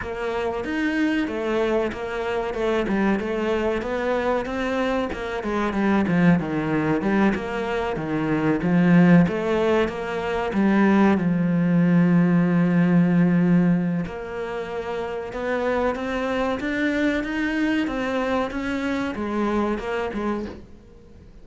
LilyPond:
\new Staff \with { instrumentName = "cello" } { \time 4/4 \tempo 4 = 94 ais4 dis'4 a4 ais4 | a8 g8 a4 b4 c'4 | ais8 gis8 g8 f8 dis4 g8 ais8~ | ais8 dis4 f4 a4 ais8~ |
ais8 g4 f2~ f8~ | f2 ais2 | b4 c'4 d'4 dis'4 | c'4 cis'4 gis4 ais8 gis8 | }